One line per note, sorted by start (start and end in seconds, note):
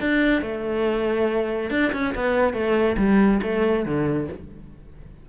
0.00 0.42 D4
0.42 1.70 A3
1.70 1.91 D4
1.92 2.14 C#4
2.15 2.53 B3
2.53 2.96 A3
2.97 3.40 G3
3.42 3.85 A3
3.85 4.28 D3